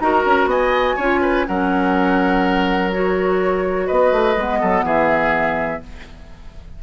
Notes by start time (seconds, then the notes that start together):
0.00 D#4 F#4 A#4 A#5
0.26 C#4
0.46 B3 D#5 G#5
0.96 C#4 F4 C#5
1.22 B4
1.47 F#3 C#4 A#4 F#5
2.93 F#4 C#5
3.87 B3 B4 D#5
4.12 A3
4.37 G#3 B3
4.60 F#3 A4
4.83 E3 G#4 E5